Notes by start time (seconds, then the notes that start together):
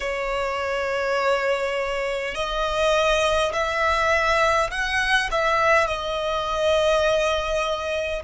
0.00 C#5
2.34 D#5
3.52 E5
4.71 F#5
5.31 E5
5.87 D#5